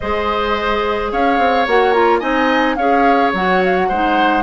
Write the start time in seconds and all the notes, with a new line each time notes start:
0.00 G#3 G#4 C5 D#5
1.11 C#4 C#5 F5
1.38 C4
1.66 A#3 F#4 F#5
1.92 F4 A#5
2.19 C4 D#4 D#5 G#5
2.75 C#4 G#4 C#5 F5
3.33 F#3 F#4 F#5
3.64 F5
3.76 F#5
3.88 G#3 D#4 C5